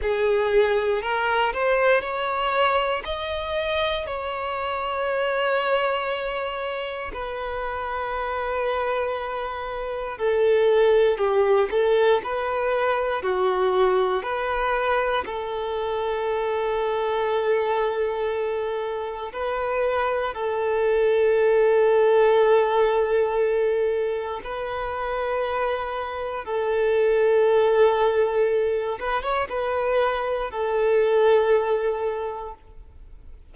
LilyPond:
\new Staff \with { instrumentName = "violin" } { \time 4/4 \tempo 4 = 59 gis'4 ais'8 c''8 cis''4 dis''4 | cis''2. b'4~ | b'2 a'4 g'8 a'8 | b'4 fis'4 b'4 a'4~ |
a'2. b'4 | a'1 | b'2 a'2~ | a'8 b'16 cis''16 b'4 a'2 | }